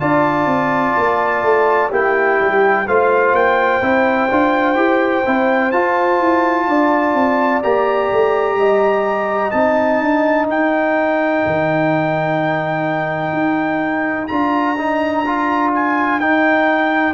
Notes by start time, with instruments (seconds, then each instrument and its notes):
0.00 tuba D4, trombone F4, horn D5, trumpet A5
0.46 tuba C4
0.98 tuba A#3
1.42 tuba A3
1.90 tuba A#3, trombone E4, horn G4, trumpet G5
2.40 tuba G3
2.86 tuba A3, trombone F4, horn C5, trumpet F5
3.33 tuba A#3, trumpet G5
3.82 tuba C4, trombone E4
4.31 tuba D4, trombone F4
4.75 tuba E4, trombone G4
5.26 tuba C4, trombone E4
5.71 tuba F4, trombone F4, trumpet A5
6.20 tuba E4
6.67 tuba D4, horn D5
7.14 tuba C4
7.63 tuba A#3, trombone G4, trumpet A#5
8.12 tuba A3
8.56 tuba G3, horn D#5
9.51 tuba C4, trombone D#4, trumpet A5
10.01 tuba D4
10.46 tuba D#4, horn A#4, trumpet G5
11.46 tuba D#3
13.33 tuba D#4
14.27 tuba D4, trombone F4, trumpet A#5
14.78 trombone D#4
15.26 trombone F4
15.75 trumpet G#5
16.20 tuba D#4, trombone D#4, trumpet G5